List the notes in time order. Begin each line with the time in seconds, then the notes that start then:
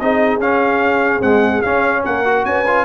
0.00 C4 D#4 G#4 D#5
0.39 C#4 F5
1.21 G#3 C4 F#5
1.62 C#4 F5
2.03 A#3 A#4 F#5
2.25 F#4
2.45 C#4 B4 G#5
2.67 F4